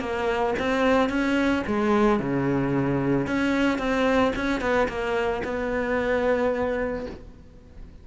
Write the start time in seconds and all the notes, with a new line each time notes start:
0.00 A#3
0.59 C4
1.09 C#4
1.67 G#3
2.19 C#3
3.27 C#4
3.78 C4
4.36 C#4
4.61 B3
4.88 A#3
5.44 B3